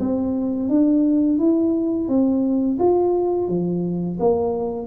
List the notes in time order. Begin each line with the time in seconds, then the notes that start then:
0.00 C4
0.69 D4
1.39 E4
2.08 C4
2.79 F4
3.49 F3
4.20 A#3